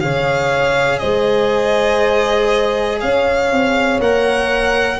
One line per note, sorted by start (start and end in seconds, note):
0.00 1.02 C#3
0.00 4.01 G#4
0.00 1.01 C#5
0.00 0.99 F5
0.99 3.03 G#3
0.99 3.01 C5
0.99 2.99 D#5
3.01 3.52 C#4
3.01 5.00 C#5
3.01 4.01 F5
3.52 3.99 C4
3.99 4.99 A#3
3.99 5.00 A#4
3.99 5.00 F#5